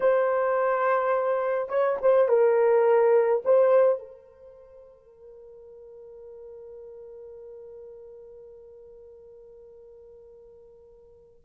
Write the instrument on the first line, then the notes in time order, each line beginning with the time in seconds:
horn
0.00 C5
1.68 C#5
2.01 C5
2.28 A#4
3.44 C5
3.98 A#4